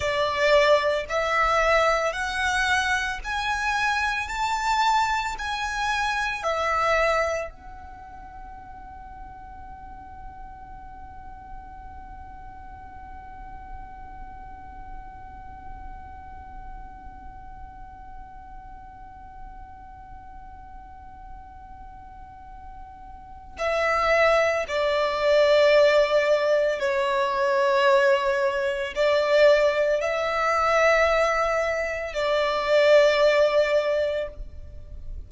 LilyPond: \new Staff \with { instrumentName = "violin" } { \time 4/4 \tempo 4 = 56 d''4 e''4 fis''4 gis''4 | a''4 gis''4 e''4 fis''4~ | fis''1~ | fis''1~ |
fis''1~ | fis''2 e''4 d''4~ | d''4 cis''2 d''4 | e''2 d''2 | }